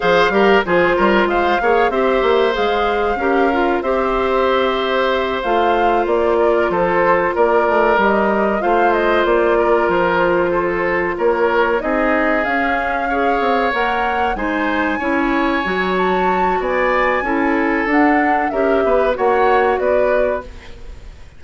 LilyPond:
<<
  \new Staff \with { instrumentName = "flute" } { \time 4/4 \tempo 4 = 94 f''4 c''4 f''4 e''4 | f''2 e''2~ | e''8 f''4 d''4 c''4 d''8~ | d''8 dis''4 f''8 dis''8 d''4 c''8~ |
c''4. cis''4 dis''4 f''8~ | f''4. fis''4 gis''4.~ | gis''4 a''4 gis''2 | fis''4 e''4 fis''4 d''4 | }
  \new Staff \with { instrumentName = "oboe" } { \time 4/4 c''8 ais'8 gis'8 ais'8 c''8 cis''8 c''4~ | c''4 ais'4 c''2~ | c''2 ais'8 a'4 ais'8~ | ais'4. c''4. ais'4~ |
ais'8 a'4 ais'4 gis'4.~ | gis'8 cis''2 c''4 cis''8~ | cis''2 d''4 a'4~ | a'4 ais'8 b'8 cis''4 b'4 | }
  \new Staff \with { instrumentName = "clarinet" } { \time 4/4 gis'8 g'8 f'4. gis'8 g'4 | gis'4 g'8 f'8 g'2~ | g'8 f'2.~ f'8~ | f'8 g'4 f'2~ f'8~ |
f'2~ f'8 dis'4 cis'8~ | cis'8 gis'4 ais'4 dis'4 e'8~ | e'8 fis'2~ fis'8 e'4 | d'4 g'4 fis'2 | }
  \new Staff \with { instrumentName = "bassoon" } { \time 4/4 f8 g8 f8 g8 gis8 ais8 c'8 ais8 | gis4 cis'4 c'2~ | c'8 a4 ais4 f4 ais8 | a8 g4 a4 ais4 f8~ |
f4. ais4 c'4 cis'8~ | cis'4 c'8 ais4 gis4 cis'8~ | cis'8 fis4. b4 cis'4 | d'4 cis'8 b8 ais4 b4 | }
>>